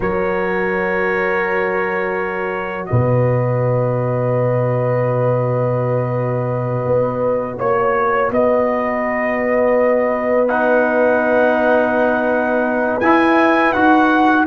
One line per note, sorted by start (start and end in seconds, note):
0.00 2.88 F#3
0.00 10.47 F#4
0.00 2.88 A#4
0.00 2.85 C#5
2.85 6.85 B2
2.85 7.58 B4
2.85 7.55 D#5
6.85 7.58 B3
7.58 8.30 A#3
7.58 8.30 C#5
7.58 8.31 C#5
8.30 13.00 B3
8.30 14.46 B4
8.30 10.48 D#5
10.48 13.01 D#4
10.48 13.00 F#5
13.00 13.73 E4
13.00 13.75 E4
13.00 13.72 G#5
13.72 14.46 D#4
13.72 14.46 F#4
13.72 14.44 F#5